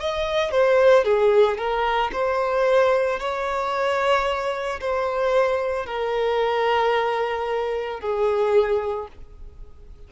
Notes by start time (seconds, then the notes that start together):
0.00 D#5
0.52 C5
1.05 G#4
1.58 A#4
2.13 C5
3.20 C#5
4.81 C5
5.86 A#4
8.01 G#4